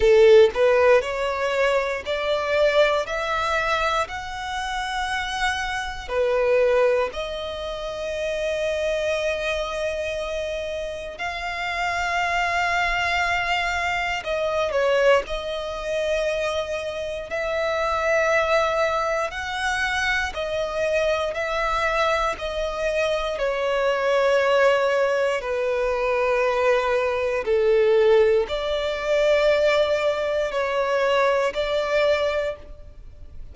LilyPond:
\new Staff \with { instrumentName = "violin" } { \time 4/4 \tempo 4 = 59 a'8 b'8 cis''4 d''4 e''4 | fis''2 b'4 dis''4~ | dis''2. f''4~ | f''2 dis''8 cis''8 dis''4~ |
dis''4 e''2 fis''4 | dis''4 e''4 dis''4 cis''4~ | cis''4 b'2 a'4 | d''2 cis''4 d''4 | }